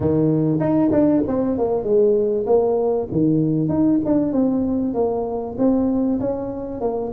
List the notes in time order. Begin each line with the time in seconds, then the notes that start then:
0.00 D#3
0.60 D#4
0.91 D4
1.27 C4
1.58 A#3
1.83 G#3
2.46 A#3
3.11 D#3
3.68 D#4
4.05 D4
4.32 C4
4.93 A#3
5.58 C4
6.20 C#4
6.80 A#3